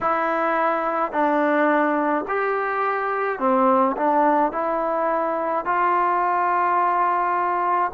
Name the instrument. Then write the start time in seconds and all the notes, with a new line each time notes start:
trombone
0.00 E4
1.12 D4
2.27 G4
3.39 C4
3.96 D4
4.52 E4
5.65 F4